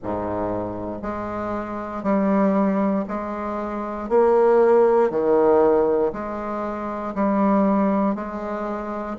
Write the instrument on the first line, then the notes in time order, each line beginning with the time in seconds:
bassoon
0.03 G#2
1.02 G#3
2.03 G3
3.07 G#3
4.09 A#3
5.10 D#3
6.12 G#3
7.14 G3
8.14 G#3